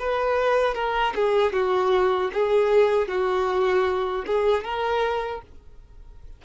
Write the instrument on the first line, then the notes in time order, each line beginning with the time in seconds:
violin
0.00 B4
0.75 A#4
1.16 G#4
1.53 F#4
2.34 G#4
3.09 F#4
4.27 G#4
4.64 A#4